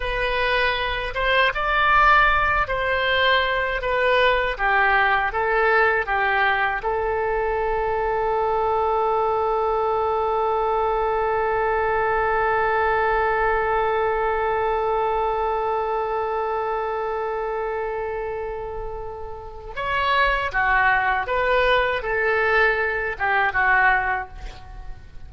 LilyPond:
\new Staff \with { instrumentName = "oboe" } { \time 4/4 \tempo 4 = 79 b'4. c''8 d''4. c''8~ | c''4 b'4 g'4 a'4 | g'4 a'2.~ | a'1~ |
a'1~ | a'1~ | a'2 cis''4 fis'4 | b'4 a'4. g'8 fis'4 | }